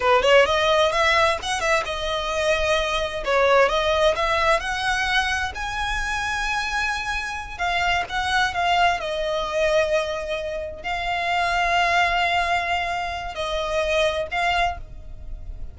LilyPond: \new Staff \with { instrumentName = "violin" } { \time 4/4 \tempo 4 = 130 b'8 cis''8 dis''4 e''4 fis''8 e''8 | dis''2. cis''4 | dis''4 e''4 fis''2 | gis''1~ |
gis''8 f''4 fis''4 f''4 dis''8~ | dis''2.~ dis''8 f''8~ | f''1~ | f''4 dis''2 f''4 | }